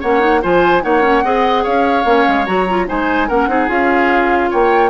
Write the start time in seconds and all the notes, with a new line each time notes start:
0.00 A#3 C#4 C#5 F#5
0.20 D#4
0.42 F3 F4 C5 G#5
0.82 A#3 D#4 C#5 F#5
1.02 C#4
1.24 C4 G#4 D#5
1.63 C#4 C#5 F5
2.03 A#3 C#4
2.28 G#3
2.46 F#3 F#4 A#5
2.69 F4
2.87 G#3 D#4 C5 G#5
3.28 A#3 C#4 A#4 F#5
3.48 C4 D#4 G#4
3.68 C#4 F4 F5
4.50 A#3 C#5 G5